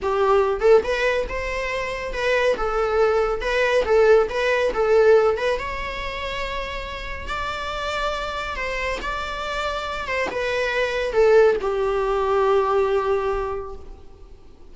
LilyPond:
\new Staff \with { instrumentName = "viola" } { \time 4/4 \tempo 4 = 140 g'4. a'8 b'4 c''4~ | c''4 b'4 a'2 | b'4 a'4 b'4 a'4~ | a'8 b'8 cis''2.~ |
cis''4 d''2. | c''4 d''2~ d''8 c''8 | b'2 a'4 g'4~ | g'1 | }